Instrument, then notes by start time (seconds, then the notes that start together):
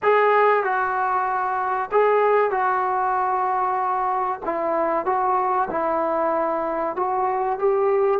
trombone
0.02 G#4
0.63 F#4
1.91 G#4
2.51 F#4
4.45 E4
5.05 F#4
5.70 E4
6.96 F#4
7.58 G4